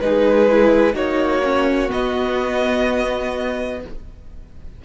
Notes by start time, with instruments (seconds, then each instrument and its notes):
0.00 cello G#3, viola D#4, violin G#4 B4
0.49 viola E4
0.94 cello A#3, viola D#4, violin F#4 C#5
1.43 viola C#4
1.89 viola B3, cello B3, violin D#5